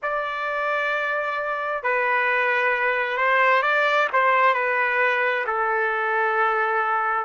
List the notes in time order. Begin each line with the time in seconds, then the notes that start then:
0.02 D5
1.83 B4
3.17 C5
3.62 D5
4.12 C5
4.54 B4
5.46 A4